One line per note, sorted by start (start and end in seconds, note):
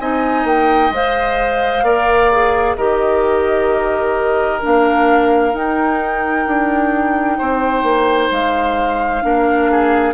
0.00 0.44 C4
0.00 0.92 D#4
0.00 1.84 D#5
0.00 0.46 G#5
0.44 0.90 A#3
0.44 0.93 G5
0.91 1.83 G#3
0.91 1.85 C5
0.91 2.76 F5
1.83 2.75 A#3
1.83 2.32 A#4
1.83 2.77 D5
2.32 2.78 G#4
2.76 4.63 D#3
2.76 4.61 G4
2.76 7.38 A#4
2.76 4.61 D#5
4.61 5.54 A#3
4.61 5.53 D4
4.61 5.55 F5
5.53 9.22 D#4
5.53 6.46 D#4
5.53 8.32 G5
6.47 7.39 D4
7.38 7.83 C4
7.38 9.23 C5
7.83 8.29 A#3
8.31 9.23 G#3
8.31 10.14 F5
9.22 10.14 A#3
9.22 10.14 D4
9.22 9.71 A#4
9.71 10.14 G#4